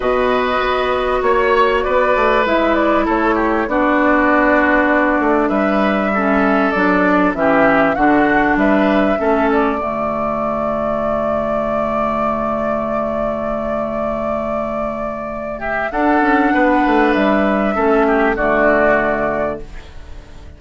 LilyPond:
<<
  \new Staff \with { instrumentName = "flute" } { \time 4/4 \tempo 4 = 98 dis''2 cis''4 d''4 | e''8 d''8 cis''4 d''2~ | d''4 e''2 d''4 | e''4 fis''4 e''4. d''8~ |
d''1~ | d''1~ | d''4. e''8 fis''2 | e''2 d''2 | }
  \new Staff \with { instrumentName = "oboe" } { \time 4/4 b'2 cis''4 b'4~ | b'4 a'8 g'8 fis'2~ | fis'4 b'4 a'2 | g'4 fis'4 b'4 a'4 |
fis'1~ | fis'1~ | fis'4. g'8 a'4 b'4~ | b'4 a'8 g'8 fis'2 | }
  \new Staff \with { instrumentName = "clarinet" } { \time 4/4 fis'1 | e'2 d'2~ | d'2 cis'4 d'4 | cis'4 d'2 cis'4 |
a1~ | a1~ | a2 d'2~ | d'4 cis'4 a2 | }
  \new Staff \with { instrumentName = "bassoon" } { \time 4/4 b,4 b4 ais4 b8 a8 | gis4 a4 b2~ | b8 a8 g2 fis4 | e4 d4 g4 a4 |
d1~ | d1~ | d2 d'8 cis'8 b8 a8 | g4 a4 d2 | }
>>